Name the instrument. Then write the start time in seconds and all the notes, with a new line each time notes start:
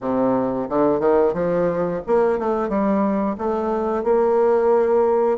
bassoon
0.01 C3
0.69 D3
0.99 D#3
1.33 F3
2.06 A#3
2.38 A3
2.68 G3
3.38 A3
4.03 A#3